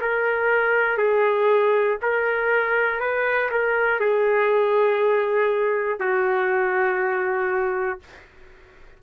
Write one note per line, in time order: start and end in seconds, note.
0.00 0.97 A#4
0.97 1.97 G#4
2.02 3.00 A#4
3.00 3.50 B4
3.50 4.00 A#4
4.00 5.99 G#4
5.99 7.99 F#4